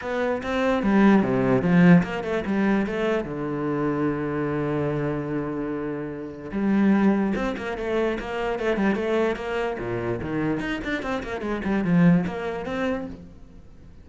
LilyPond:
\new Staff \with { instrumentName = "cello" } { \time 4/4 \tempo 4 = 147 b4 c'4 g4 c4 | f4 ais8 a8 g4 a4 | d1~ | d1 |
g2 c'8 ais8 a4 | ais4 a8 g8 a4 ais4 | ais,4 dis4 dis'8 d'8 c'8 ais8 | gis8 g8 f4 ais4 c'4 | }